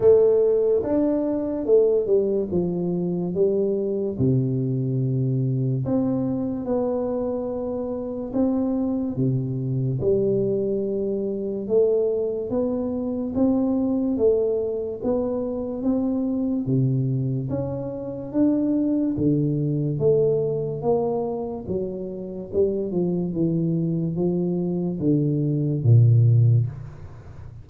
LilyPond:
\new Staff \with { instrumentName = "tuba" } { \time 4/4 \tempo 4 = 72 a4 d'4 a8 g8 f4 | g4 c2 c'4 | b2 c'4 c4 | g2 a4 b4 |
c'4 a4 b4 c'4 | c4 cis'4 d'4 d4 | a4 ais4 fis4 g8 f8 | e4 f4 d4 ais,4 | }